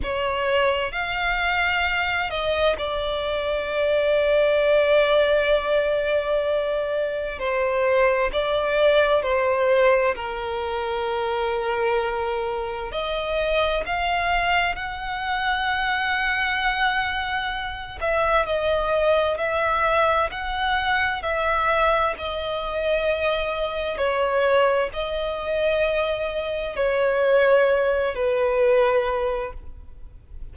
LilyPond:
\new Staff \with { instrumentName = "violin" } { \time 4/4 \tempo 4 = 65 cis''4 f''4. dis''8 d''4~ | d''1 | c''4 d''4 c''4 ais'4~ | ais'2 dis''4 f''4 |
fis''2.~ fis''8 e''8 | dis''4 e''4 fis''4 e''4 | dis''2 cis''4 dis''4~ | dis''4 cis''4. b'4. | }